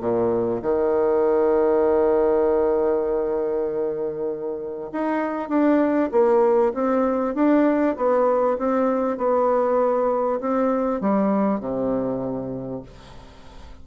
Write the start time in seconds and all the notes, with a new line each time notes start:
0.00 A#2
0.62 D#3
4.92 D#4
5.49 D4
6.11 A#3
6.74 C4
7.34 D4
7.96 B3
8.58 C4
9.17 B3
10.41 C4
11.01 G3
11.60 C3